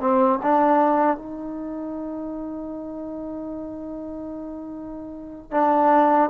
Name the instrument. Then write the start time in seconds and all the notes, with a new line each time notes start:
trombone
0.00 C4
0.43 D4
1.17 D#4
5.51 D4